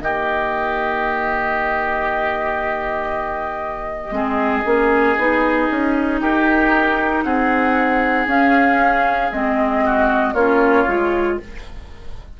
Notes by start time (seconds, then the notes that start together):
0.00 D#3 A#3 G4 D#5
4.11 G#3 C4 G#4
4.65 A#3 C#4
5.17 B3 D#4
5.70 C#4
6.20 D#4 G4 A#4
7.23 C4 G#4 F#5
8.26 C#4 F5
9.31 G#3 C4 D#5
9.84 F#4
10.33 A#3 C#4 F4 C#5
10.87 G#3 F4